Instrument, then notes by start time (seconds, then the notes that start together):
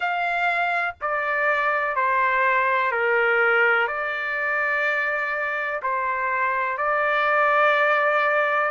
trumpet
0.00 F5
1.01 D5
1.95 C5
2.91 A#4
3.87 D5
5.82 C5
6.77 D5